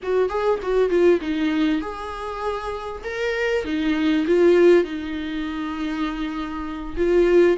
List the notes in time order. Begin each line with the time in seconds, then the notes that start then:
0.02 F#4
0.29 G#4
0.62 F#4
0.89 F4
1.21 D#4
1.81 G#4
3.04 A#4
3.64 D#4
4.26 F4
4.83 D#4
6.96 F4